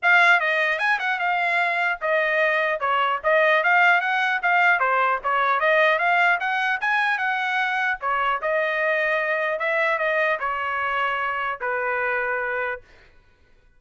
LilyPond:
\new Staff \with { instrumentName = "trumpet" } { \time 4/4 \tempo 4 = 150 f''4 dis''4 gis''8 fis''8 f''4~ | f''4 dis''2 cis''4 | dis''4 f''4 fis''4 f''4 | c''4 cis''4 dis''4 f''4 |
fis''4 gis''4 fis''2 | cis''4 dis''2. | e''4 dis''4 cis''2~ | cis''4 b'2. | }